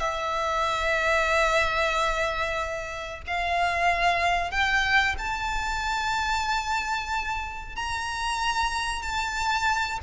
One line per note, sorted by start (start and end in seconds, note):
0.00 3.23 E5
3.28 4.51 F5
4.51 5.16 G5
5.19 7.76 A5
7.76 9.03 A#5
9.03 10.00 A5